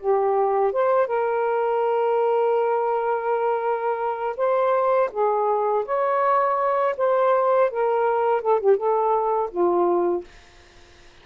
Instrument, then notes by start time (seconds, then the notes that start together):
saxophone
0.00 G4
0.73 C5
1.07 A#4
4.37 C5
5.12 G#4
5.85 C#5
6.97 C5
7.71 A#4
8.42 A4
8.60 G4
8.77 A4
9.51 F4